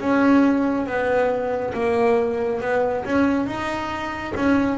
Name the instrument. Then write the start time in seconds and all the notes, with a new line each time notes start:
double bass
0.00 C#4
0.86 B3
1.74 A#3
2.61 B3
3.05 C#4
3.46 D#4
4.36 C#4